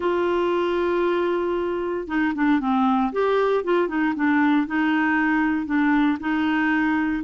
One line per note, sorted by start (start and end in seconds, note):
0.00 2.07 F4
2.07 2.33 D#4
2.34 2.60 D4
2.60 3.12 C4
3.12 3.63 G4
3.63 3.88 F4
3.88 4.14 D#4
4.15 4.66 D4
4.66 5.66 D#4
5.66 6.17 D4
6.20 7.23 D#4